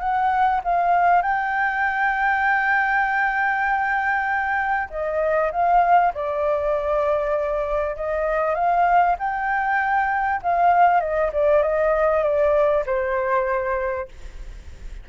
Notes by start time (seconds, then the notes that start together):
0.00 F#5
0.64 F5
1.22 G5
4.90 D#5
5.52 F5
6.14 D5
7.96 D#5
8.55 F5
9.19 G5
10.42 F5
11.01 D#5
11.33 D5
11.63 D#5
12.23 D5
12.86 C5